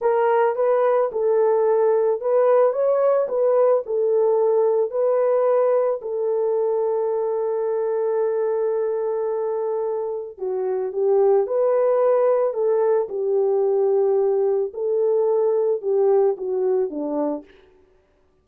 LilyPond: \new Staff \with { instrumentName = "horn" } { \time 4/4 \tempo 4 = 110 ais'4 b'4 a'2 | b'4 cis''4 b'4 a'4~ | a'4 b'2 a'4~ | a'1~ |
a'2. fis'4 | g'4 b'2 a'4 | g'2. a'4~ | a'4 g'4 fis'4 d'4 | }